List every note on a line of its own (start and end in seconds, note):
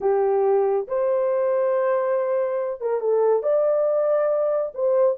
0.00 0.87 G4
0.87 2.81 C5
2.81 3.00 A#4
3.00 3.42 A4
3.42 4.72 D5
4.74 5.17 C5